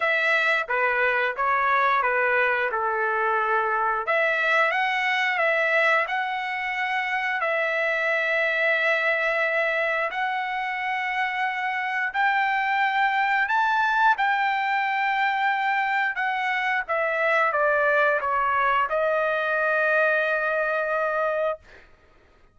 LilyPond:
\new Staff \with { instrumentName = "trumpet" } { \time 4/4 \tempo 4 = 89 e''4 b'4 cis''4 b'4 | a'2 e''4 fis''4 | e''4 fis''2 e''4~ | e''2. fis''4~ |
fis''2 g''2 | a''4 g''2. | fis''4 e''4 d''4 cis''4 | dis''1 | }